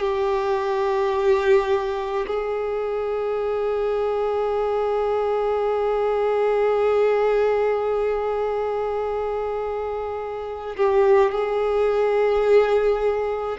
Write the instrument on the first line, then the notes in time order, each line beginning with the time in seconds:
violin
0.00 G4
2.27 G#4
10.77 G4
11.32 G#4